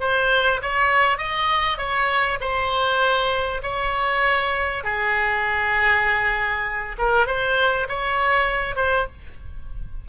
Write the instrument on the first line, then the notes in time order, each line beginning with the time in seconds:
oboe
0.00 C5
0.62 C#5
1.18 D#5
1.78 C#5
2.40 C5
3.62 C#5
4.84 G#4
6.98 A#4
7.26 C5
7.88 C#5
8.76 C5